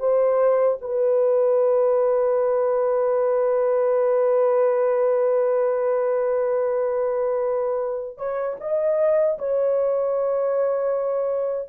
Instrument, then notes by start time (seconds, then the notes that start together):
horn
0.00 C5
0.82 B4
8.18 C#5
8.61 D#5
9.39 C#5